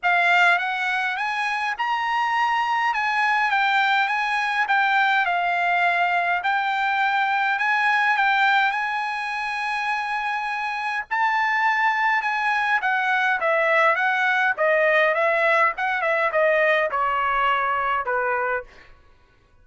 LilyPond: \new Staff \with { instrumentName = "trumpet" } { \time 4/4 \tempo 4 = 103 f''4 fis''4 gis''4 ais''4~ | ais''4 gis''4 g''4 gis''4 | g''4 f''2 g''4~ | g''4 gis''4 g''4 gis''4~ |
gis''2. a''4~ | a''4 gis''4 fis''4 e''4 | fis''4 dis''4 e''4 fis''8 e''8 | dis''4 cis''2 b'4 | }